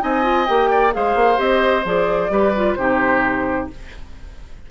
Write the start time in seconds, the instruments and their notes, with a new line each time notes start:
0.00 bassoon C4, clarinet D#4, oboe D#5, flute G#5
0.23 clarinet F4
0.46 bassoon A#3, clarinet G4, flute G5
0.70 oboe D5
0.91 bassoon G#3, clarinet G#4, oboe C5, flute F5
1.15 bassoon A#3
1.36 bassoon C4, clarinet G4, flute D#5
1.85 bassoon F3, clarinet G#4, flute D5
2.30 bassoon G3, clarinet G4, oboe B4
2.55 clarinet F4
2.75 bassoon C3, clarinet D#4, oboe G4, flute C5